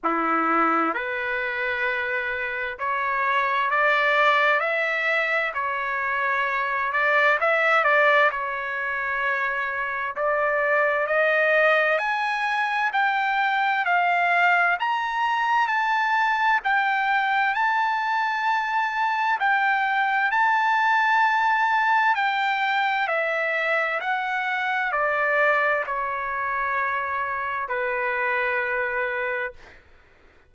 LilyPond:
\new Staff \with { instrumentName = "trumpet" } { \time 4/4 \tempo 4 = 65 e'4 b'2 cis''4 | d''4 e''4 cis''4. d''8 | e''8 d''8 cis''2 d''4 | dis''4 gis''4 g''4 f''4 |
ais''4 a''4 g''4 a''4~ | a''4 g''4 a''2 | g''4 e''4 fis''4 d''4 | cis''2 b'2 | }